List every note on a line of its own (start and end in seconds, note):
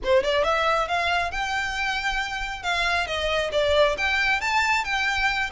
0.03 0.23 C5
0.23 0.44 D5
0.44 0.88 E5
0.88 1.31 F5
1.31 2.62 G5
2.62 3.06 F5
3.06 3.50 D#5
3.52 3.96 D5
3.97 4.41 G5
4.41 4.84 A5
4.84 5.50 G5